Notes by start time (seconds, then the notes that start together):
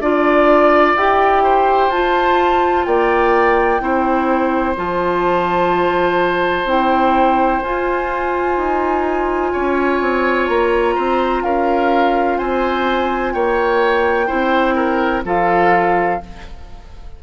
0.00 D4 F4 D5
0.96 E4 G4 G5
1.43 C5
1.88 F4 A5
2.85 A#3 D5 G5
3.80 C4 E4 C5
4.76 F3 F4 A5
6.65 C4 E4 G5
7.62 F4 G#5
8.57 D#4
9.53 C#4 C#5
10.01 C4
10.48 A#3 A#5
10.95 C4 C5
11.43 C#4 A#4 F5
12.38 C4 C5 G#5
13.33 A#3 C#5 G5
14.27 C4 E4 C5
14.76 A#4
15.25 F3 F4 A4 F5